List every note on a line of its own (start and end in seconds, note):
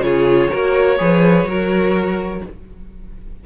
0.00 0.48 C#3
0.00 0.52 F4
0.00 0.51 G#4
0.00 2.44 C#5
0.51 1.01 A#3
0.51 0.98 F#4
0.51 0.99 A#4
0.98 1.44 F3
0.98 1.47 G#4
0.98 1.49 B4
1.44 2.41 F#3
1.44 2.46 F#4
1.44 2.45 A#4